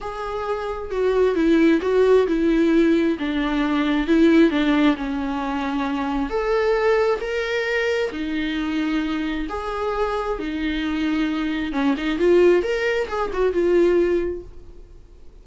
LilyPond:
\new Staff \with { instrumentName = "viola" } { \time 4/4 \tempo 4 = 133 gis'2 fis'4 e'4 | fis'4 e'2 d'4~ | d'4 e'4 d'4 cis'4~ | cis'2 a'2 |
ais'2 dis'2~ | dis'4 gis'2 dis'4~ | dis'2 cis'8 dis'8 f'4 | ais'4 gis'8 fis'8 f'2 | }